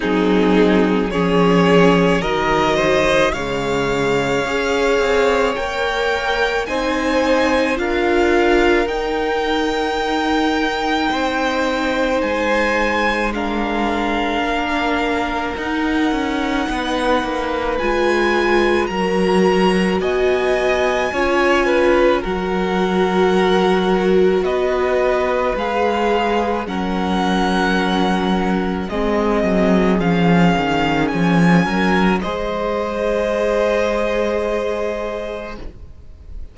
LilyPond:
<<
  \new Staff \with { instrumentName = "violin" } { \time 4/4 \tempo 4 = 54 gis'4 cis''4 dis''4 f''4~ | f''4 g''4 gis''4 f''4 | g''2. gis''4 | f''2 fis''2 |
gis''4 ais''4 gis''2 | fis''2 dis''4 f''4 | fis''2 dis''4 f''4 | gis''4 dis''2. | }
  \new Staff \with { instrumentName = "violin" } { \time 4/4 dis'4 gis'4 ais'8 c''8 cis''4~ | cis''2 c''4 ais'4~ | ais'2 c''2 | ais'2. b'4~ |
b'4 ais'4 dis''4 cis''8 b'8 | ais'2 b'2 | ais'2 gis'2~ | gis'8 ais'8 c''2. | }
  \new Staff \with { instrumentName = "viola" } { \time 4/4 c'4 cis'4 fis4 gis4 | gis'4 ais'4 dis'4 f'4 | dis'1 | d'2 dis'2 |
f'4 fis'2 f'4 | fis'2. gis'4 | cis'2 c'4 cis'4~ | cis'4 gis'2. | }
  \new Staff \with { instrumentName = "cello" } { \time 4/4 fis4 f4 dis4 cis4 | cis'8 c'8 ais4 c'4 d'4 | dis'2 c'4 gis4~ | gis4 ais4 dis'8 cis'8 b8 ais8 |
gis4 fis4 b4 cis'4 | fis2 b4 gis4 | fis2 gis8 fis8 f8 dis8 | f8 fis8 gis2. | }
>>